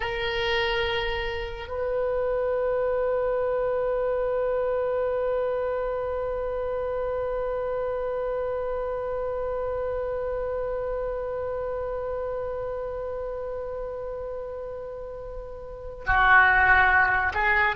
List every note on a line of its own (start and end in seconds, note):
0.00 1.67 A#4
1.67 16.04 B4
16.06 17.32 F#4
17.34 17.76 G#4